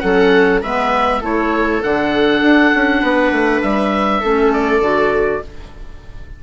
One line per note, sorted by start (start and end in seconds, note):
0.00 0.62 F#3
0.00 0.62 C#4
0.00 0.62 A4
0.00 0.60 F#5
0.62 1.22 G#3
0.62 1.22 B3
0.62 1.20 B4
0.62 1.23 E5
1.20 1.82 A3
1.20 1.81 E4
1.20 3.00 A4
1.20 1.83 C#5
1.83 2.42 D3
1.83 4.23 D4
1.83 3.62 F#5
2.42 2.72 D4
2.75 3.02 C#4
3.01 3.32 B3
3.01 4.20 B4
3.32 3.62 A3
3.62 4.23 G3
3.62 4.52 E5
4.20 4.80 A3
4.20 4.81 C#4
4.20 5.40 A4
4.53 5.43 D5
4.80 5.40 D3
4.80 5.41 F#4